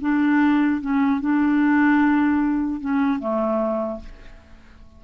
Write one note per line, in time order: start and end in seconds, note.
0.00 0.81 D4
0.81 1.20 C#4
1.20 2.80 D4
2.80 3.19 C#4
3.19 4.00 A3